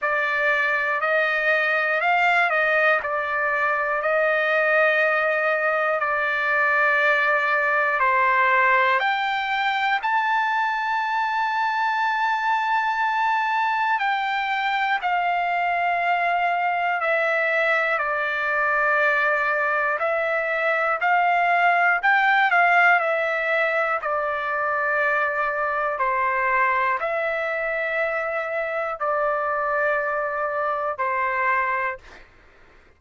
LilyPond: \new Staff \with { instrumentName = "trumpet" } { \time 4/4 \tempo 4 = 60 d''4 dis''4 f''8 dis''8 d''4 | dis''2 d''2 | c''4 g''4 a''2~ | a''2 g''4 f''4~ |
f''4 e''4 d''2 | e''4 f''4 g''8 f''8 e''4 | d''2 c''4 e''4~ | e''4 d''2 c''4 | }